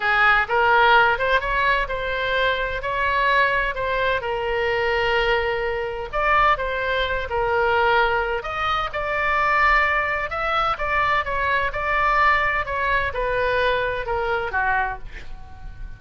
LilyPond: \new Staff \with { instrumentName = "oboe" } { \time 4/4 \tempo 4 = 128 gis'4 ais'4. c''8 cis''4 | c''2 cis''2 | c''4 ais'2.~ | ais'4 d''4 c''4. ais'8~ |
ais'2 dis''4 d''4~ | d''2 e''4 d''4 | cis''4 d''2 cis''4 | b'2 ais'4 fis'4 | }